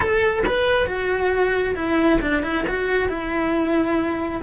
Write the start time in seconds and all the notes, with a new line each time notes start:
0.00 A4
0.46 B4
0.86 F#4
1.75 E4
2.21 D4
2.42 E4
2.67 F#4
3.08 E4